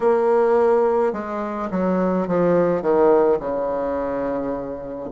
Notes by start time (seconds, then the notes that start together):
0.00 A#3
1.13 G#3
1.70 F#3
2.27 F3
2.81 D#3
3.39 C#3